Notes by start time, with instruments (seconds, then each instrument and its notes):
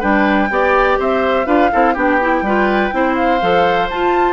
0.00 bassoon G3, clarinet D4, oboe B4, flute G5
0.50 bassoon B3, clarinet G4, oboe D5
0.99 bassoon C4, oboe C5, flute E5
1.46 bassoon D4, clarinet F4, oboe B4, flute F5
1.72 bassoon C4, clarinet E4, oboe A4
1.94 bassoon B3, clarinet D4, oboe G4, flute G5
2.21 clarinet E4
2.42 bassoon G3, clarinet F4, oboe B4
2.92 bassoon C4, clarinet E4, oboe C5
3.15 flute F5
3.41 bassoon F3, clarinet A4
3.90 bassoon F4, clarinet F4, flute A5